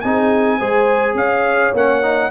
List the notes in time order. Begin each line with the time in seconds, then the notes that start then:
0.00 C4 D#4 G#4 G#5
0.57 G#3 G#4 C5
1.14 C#4 C#5 F5
1.73 A#3 C#4 F#5
2.02 D#4